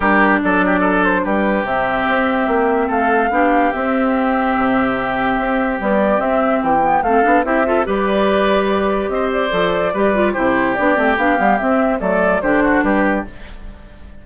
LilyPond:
<<
  \new Staff \with { instrumentName = "flute" } { \time 4/4 \tempo 4 = 145 ais'4 d''4. c''8 b'4 | e''2. f''4~ | f''4 e''2.~ | e''2 d''4 e''4 |
g''4 f''4 e''4 d''4~ | d''2 dis''8 d''4.~ | d''4 c''4 d''4 f''4 | e''4 d''4 c''4 b'4 | }
  \new Staff \with { instrumentName = "oboe" } { \time 4/4 g'4 a'8 g'8 a'4 g'4~ | g'2. a'4 | g'1~ | g'1~ |
g'4 a'4 g'8 a'8 b'4~ | b'2 c''2 | b'4 g'2.~ | g'4 a'4 g'8 fis'8 g'4 | }
  \new Staff \with { instrumentName = "clarinet" } { \time 4/4 d'1 | c'1 | d'4 c'2.~ | c'2 g4 c'4~ |
c'8 b8 c'8 d'8 e'8 f'8 g'4~ | g'2. a'4 | g'8 f'8 e'4 d'8 c'8 d'8 b8 | c'4 a4 d'2 | }
  \new Staff \with { instrumentName = "bassoon" } { \time 4/4 g4 fis2 g4 | c4 c'4 ais4 a4 | b4 c'2 c4~ | c4 c'4 b4 c'4 |
e4 a8 b8 c'4 g4~ | g2 c'4 f4 | g4 c4 b8 a8 b8 g8 | c'4 fis4 d4 g4 | }
>>